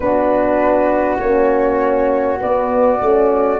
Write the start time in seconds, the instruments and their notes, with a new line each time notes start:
0.00 tuba B3, horn D4, flute F#4 B4
1.19 tuba A#3, horn C#4, flute C#5
2.39 horn B3, tuba B3, flute D5
2.99 tuba A3, horn C#4